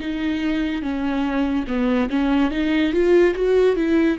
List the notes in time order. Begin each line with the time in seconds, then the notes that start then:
0.00 D#4
0.82 C#4
1.67 B3
2.09 C#4
2.51 D#4
2.93 F4
3.34 F#4
3.76 E4